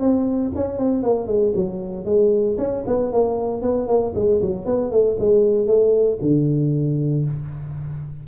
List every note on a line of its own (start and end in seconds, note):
0.00 0.52 C4
0.55 0.78 C#4
0.78 1.03 C4
1.03 1.27 A#3
1.27 1.53 G#3
1.56 2.05 F#3
2.05 2.57 G#3
2.58 2.84 C#4
2.87 3.12 B3
3.12 3.62 A#3
3.62 3.87 B3
3.87 4.13 A#3
4.15 4.41 G#3
4.42 4.66 F#3
4.66 4.91 B3
4.91 5.17 A3
5.20 5.67 G#3
5.67 6.19 A3
6.21 7.25 D3